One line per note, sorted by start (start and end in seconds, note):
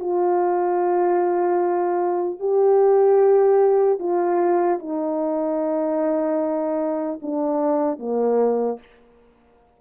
0.00 2.40 F4
2.40 4.00 G4
4.00 4.80 F4
4.80 7.20 D#4
7.23 7.99 D4
7.99 8.79 A#3